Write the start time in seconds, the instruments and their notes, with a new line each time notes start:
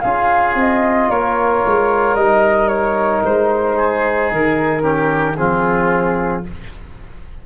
0.00 tuba C#4, trombone F4, oboe G#4, flute F5
0.54 tuba C4, flute D#5
1.08 tuba A#3, oboe A#4, flute C#5
1.66 tuba G#3
2.14 tuba G3, trombone D#4, flute D#5
2.68 flute C#5
3.24 tuba G#3, flute C5
3.76 oboe G#4
4.31 tuba D#3, flute A#4
4.81 trombone C#4, oboe G4
5.36 tuba F3, trombone C4, oboe F4, flute G#4